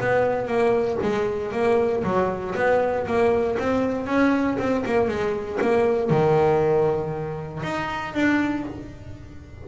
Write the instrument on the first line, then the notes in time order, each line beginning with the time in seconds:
double bass
0.00 B3
0.47 A#3
1.03 G#3
1.52 A#3
2.04 F#3
2.55 B3
3.06 A#3
3.59 C4
4.07 C#4
4.59 C4
4.86 A#3
5.08 G#3
5.61 A#3
6.10 D#3
7.63 D#4
8.14 D4